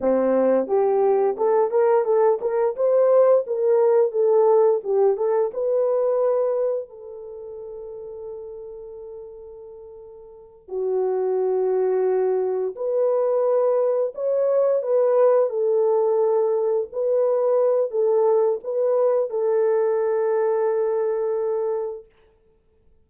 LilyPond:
\new Staff \with { instrumentName = "horn" } { \time 4/4 \tempo 4 = 87 c'4 g'4 a'8 ais'8 a'8 ais'8 | c''4 ais'4 a'4 g'8 a'8 | b'2 a'2~ | a'2.~ a'8 fis'8~ |
fis'2~ fis'8 b'4.~ | b'8 cis''4 b'4 a'4.~ | a'8 b'4. a'4 b'4 | a'1 | }